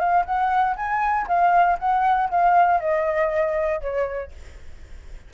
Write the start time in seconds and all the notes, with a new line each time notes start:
0.00 F5
0.26 F#5
0.77 G#5
1.28 F5
1.79 F#5
2.30 F5
2.81 D#5
3.81 C#5